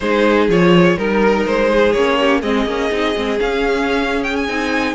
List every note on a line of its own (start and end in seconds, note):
0.00 0.48 G#3
0.00 0.50 D#4
0.00 0.97 G#4
0.00 0.47 C5
0.48 0.96 F3
0.48 0.97 F4
0.48 0.97 C#5
0.97 1.45 G3
0.97 1.94 D#4
0.97 1.46 A#4
0.97 1.70 A#4
1.46 1.93 G#3
1.46 1.92 C5
1.70 2.18 G#4
1.92 2.42 A#3
1.92 2.42 C#4
1.92 2.41 C#5
2.19 2.41 G4
2.41 2.65 G#3
2.41 2.66 C4
2.41 4.94 G#4
2.41 3.39 D#5
2.65 2.89 A#3
2.65 2.91 C#4
2.91 3.15 C4
2.91 3.15 D#4
3.15 3.40 G#3
3.15 3.39 C4
3.39 4.47 C#4
3.39 4.48 C#4
3.39 4.23 F5
4.23 4.35 G5
4.36 4.94 G#5
4.48 4.94 C4
4.48 4.94 D#4